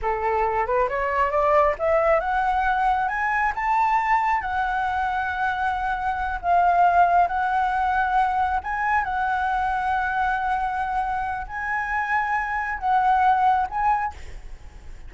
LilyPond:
\new Staff \with { instrumentName = "flute" } { \time 4/4 \tempo 4 = 136 a'4. b'8 cis''4 d''4 | e''4 fis''2 gis''4 | a''2 fis''2~ | fis''2~ fis''8 f''4.~ |
f''8 fis''2. gis''8~ | gis''8 fis''2.~ fis''8~ | fis''2 gis''2~ | gis''4 fis''2 gis''4 | }